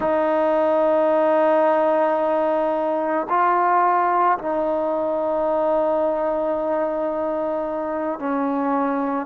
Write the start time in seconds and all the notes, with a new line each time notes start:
0.00 D#4
3.29 F4
4.38 D#4
8.19 C#4